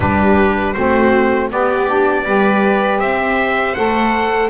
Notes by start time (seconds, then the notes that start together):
0.00 G3 D4 G4 B4
0.73 A3 C4 F#4 C5
1.50 B3 G4 D5
1.87 D4
2.24 G3 G4 B4
2.99 C4 C5 E5
3.74 A3 A4 F#5